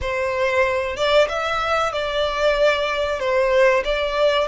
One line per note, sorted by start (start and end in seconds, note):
0.01 0.96 C5
0.96 1.28 D5
1.28 1.92 E5
1.92 3.19 D5
3.19 3.83 C5
3.84 4.47 D5